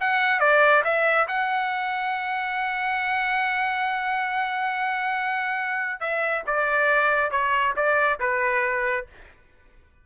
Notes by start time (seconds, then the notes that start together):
0.00 F#5
0.40 D5
0.84 E5
1.28 F#5
6.00 E5
6.47 D5
7.31 C#5
7.76 D5
8.20 B4